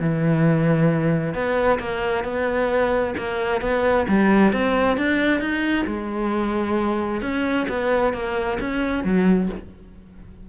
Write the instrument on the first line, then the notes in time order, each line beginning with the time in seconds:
cello
0.00 E3
1.34 B3
1.80 A#3
2.24 B3
3.18 A#3
3.61 B3
4.08 G3
4.53 C4
4.97 D4
5.41 D#4
5.87 G#3
7.22 C#4
7.69 B3
8.13 A#3
8.60 C#4
9.04 F#3